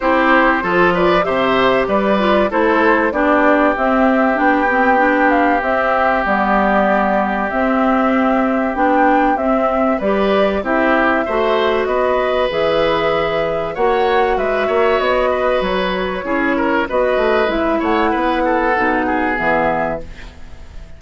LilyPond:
<<
  \new Staff \with { instrumentName = "flute" } { \time 4/4 \tempo 4 = 96 c''4. d''8 e''4 d''4 | c''4 d''4 e''4 g''4~ | g''8 f''8 e''4 d''2 | e''2 g''4 e''4 |
d''4 e''2 dis''4 | e''2 fis''4 e''4 | dis''4 cis''2 dis''4 | e''8 fis''2~ fis''8 e''4 | }
  \new Staff \with { instrumentName = "oboe" } { \time 4/4 g'4 a'8 b'8 c''4 b'4 | a'4 g'2.~ | g'1~ | g'1 |
b'4 g'4 c''4 b'4~ | b'2 cis''4 b'8 cis''8~ | cis''8 b'4. gis'8 ais'8 b'4~ | b'8 cis''8 b'8 a'4 gis'4. | }
  \new Staff \with { instrumentName = "clarinet" } { \time 4/4 e'4 f'4 g'4. f'8 | e'4 d'4 c'4 d'8 c'8 | d'4 c'4 b2 | c'2 d'4 c'4 |
g'4 e'4 fis'2 | gis'2 fis'2~ | fis'2 e'4 fis'4 | e'2 dis'4 b4 | }
  \new Staff \with { instrumentName = "bassoon" } { \time 4/4 c'4 f4 c4 g4 | a4 b4 c'4 b4~ | b4 c'4 g2 | c'2 b4 c'4 |
g4 c'4 a4 b4 | e2 ais4 gis8 ais8 | b4 fis4 cis'4 b8 a8 | gis8 a8 b4 b,4 e4 | }
>>